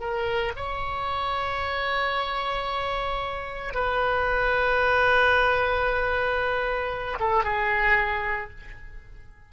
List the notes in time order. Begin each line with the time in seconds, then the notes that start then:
0.00 A#4
0.56 C#5
3.74 B4
7.20 A4
7.44 G#4